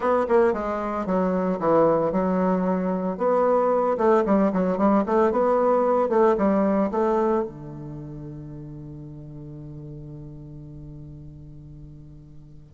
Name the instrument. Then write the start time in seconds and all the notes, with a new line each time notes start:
bassoon
0.00 B3
0.28 A#3
0.53 G#3
1.06 F#3
1.59 E3
2.12 F#3
3.17 B3
3.97 A3
4.25 G3
4.53 F#3
4.77 G3
5.05 A3
5.31 B3
6.09 A3
6.37 G3
6.91 A3
7.43 D3